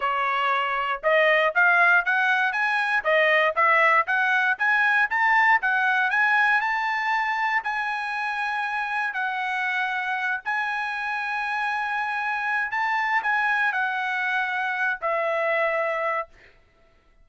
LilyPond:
\new Staff \with { instrumentName = "trumpet" } { \time 4/4 \tempo 4 = 118 cis''2 dis''4 f''4 | fis''4 gis''4 dis''4 e''4 | fis''4 gis''4 a''4 fis''4 | gis''4 a''2 gis''4~ |
gis''2 fis''2~ | fis''8 gis''2.~ gis''8~ | gis''4 a''4 gis''4 fis''4~ | fis''4. e''2~ e''8 | }